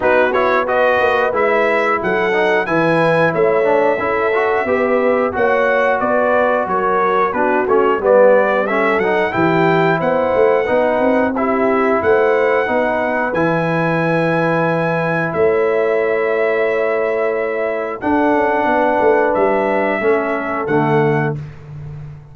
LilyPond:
<<
  \new Staff \with { instrumentName = "trumpet" } { \time 4/4 \tempo 4 = 90 b'8 cis''8 dis''4 e''4 fis''4 | gis''4 e''2. | fis''4 d''4 cis''4 b'8 cis''8 | d''4 e''8 fis''8 g''4 fis''4~ |
fis''4 e''4 fis''2 | gis''2. e''4~ | e''2. fis''4~ | fis''4 e''2 fis''4 | }
  \new Staff \with { instrumentName = "horn" } { \time 4/4 fis'4 b'2 a'4 | b'4 cis''4 a'4 b'4 | cis''4 b'4 ais'4 fis'4 | b'4 a'4 g'4 c''4 |
b'4 g'4 c''4 b'4~ | b'2. cis''4~ | cis''2. a'4 | b'2 a'2 | }
  \new Staff \with { instrumentName = "trombone" } { \time 4/4 dis'8 e'8 fis'4 e'4. dis'8 | e'4. d'8 e'8 fis'8 g'4 | fis'2. d'8 cis'8 | b4 cis'8 dis'8 e'2 |
dis'4 e'2 dis'4 | e'1~ | e'2. d'4~ | d'2 cis'4 a4 | }
  \new Staff \with { instrumentName = "tuba" } { \time 4/4 b4. ais8 gis4 fis4 | e4 a4 cis'4 b4 | ais4 b4 fis4 b8 a8 | g4. fis8 e4 b8 a8 |
b8 c'4. a4 b4 | e2. a4~ | a2. d'8 cis'8 | b8 a8 g4 a4 d4 | }
>>